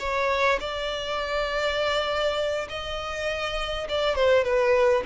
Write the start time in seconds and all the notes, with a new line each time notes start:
0.00 C#5
0.61 D5
2.69 D#5
3.89 D5
4.16 C5
4.45 B4